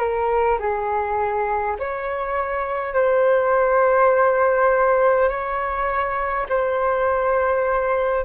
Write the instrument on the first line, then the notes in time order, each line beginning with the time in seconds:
flute
0.00 A#4
0.60 G#4
1.80 C#5
2.94 C5
5.29 C#5
6.49 C5